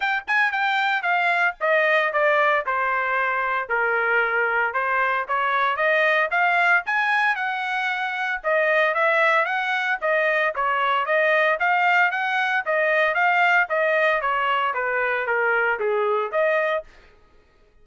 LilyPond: \new Staff \with { instrumentName = "trumpet" } { \time 4/4 \tempo 4 = 114 g''8 gis''8 g''4 f''4 dis''4 | d''4 c''2 ais'4~ | ais'4 c''4 cis''4 dis''4 | f''4 gis''4 fis''2 |
dis''4 e''4 fis''4 dis''4 | cis''4 dis''4 f''4 fis''4 | dis''4 f''4 dis''4 cis''4 | b'4 ais'4 gis'4 dis''4 | }